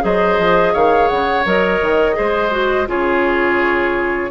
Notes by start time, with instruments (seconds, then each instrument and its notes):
0.00 bassoon F#3, clarinet G#4, oboe C5, flute D#5
0.38 bassoon F3
0.73 bassoon D#3, oboe C#5, flute F5
1.08 bassoon C#3, flute F#5
1.45 bassoon F#3, clarinet A#4, flute D#5
1.82 bassoon D#3
2.13 bassoon G#3, clarinet G#4, oboe C5
2.51 clarinet F#4
2.87 bassoon C#3, clarinet F4, oboe G#4, flute C#5